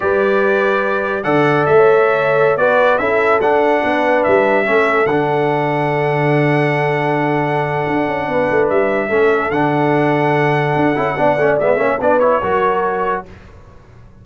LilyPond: <<
  \new Staff \with { instrumentName = "trumpet" } { \time 4/4 \tempo 4 = 145 d''2. fis''4 | e''2~ e''16 d''4 e''8.~ | e''16 fis''2 e''4.~ e''16~ | e''16 fis''2.~ fis''8.~ |
fis''1~ | fis''4 e''2 fis''4~ | fis''1 | e''4 d''8 cis''2~ cis''8 | }
  \new Staff \with { instrumentName = "horn" } { \time 4/4 b'2. d''4~ | d''16 cis''2 b'4 a'8.~ | a'4~ a'16 b'2 a'8.~ | a'1~ |
a'1 | b'2 a'2~ | a'2. d''4~ | d''8 cis''8 b'4 ais'2 | }
  \new Staff \with { instrumentName = "trombone" } { \time 4/4 g'2. a'4~ | a'2~ a'16 fis'4 e'8.~ | e'16 d'2. cis'8.~ | cis'16 d'2.~ d'8.~ |
d'1~ | d'2 cis'4 d'4~ | d'2~ d'8 e'8 d'8 cis'8 | b8 cis'8 d'8 e'8 fis'2 | }
  \new Staff \with { instrumentName = "tuba" } { \time 4/4 g2. d4 | a2~ a16 b4 cis'8.~ | cis'16 d'4 b4 g4 a8.~ | a16 d2.~ d8.~ |
d2. d'8 cis'8 | b8 a8 g4 a4 d4~ | d2 d'8 cis'8 b8 a8 | gis8 ais8 b4 fis2 | }
>>